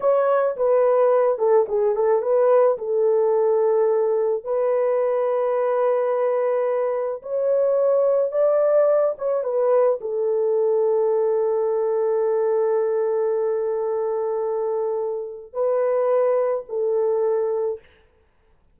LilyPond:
\new Staff \with { instrumentName = "horn" } { \time 4/4 \tempo 4 = 108 cis''4 b'4. a'8 gis'8 a'8 | b'4 a'2. | b'1~ | b'4 cis''2 d''4~ |
d''8 cis''8 b'4 a'2~ | a'1~ | a'1 | b'2 a'2 | }